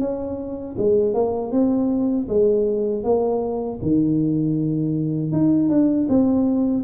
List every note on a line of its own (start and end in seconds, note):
0.00 0.76 C#4
0.78 1.14 G#3
1.14 1.52 A#3
1.52 2.28 C4
2.28 3.04 G#3
3.04 3.80 A#3
3.82 5.32 D#3
5.32 5.69 D#4
5.69 6.07 D4
6.09 6.84 C4